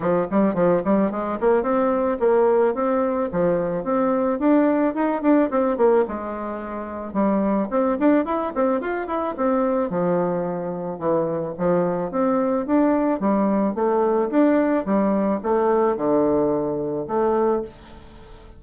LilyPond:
\new Staff \with { instrumentName = "bassoon" } { \time 4/4 \tempo 4 = 109 f8 g8 f8 g8 gis8 ais8 c'4 | ais4 c'4 f4 c'4 | d'4 dis'8 d'8 c'8 ais8 gis4~ | gis4 g4 c'8 d'8 e'8 c'8 |
f'8 e'8 c'4 f2 | e4 f4 c'4 d'4 | g4 a4 d'4 g4 | a4 d2 a4 | }